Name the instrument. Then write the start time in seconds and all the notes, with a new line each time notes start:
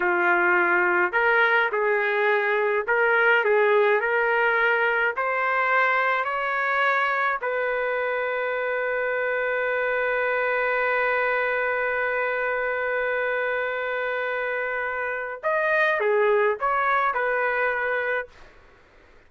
trumpet
0.00 F4
1.12 A#4
1.71 G#4
2.87 A#4
3.44 G#4
4.00 A#4
5.16 C5
6.24 C#5
7.41 B4
15.43 D#5
16.00 G#4
16.59 C#5
17.14 B4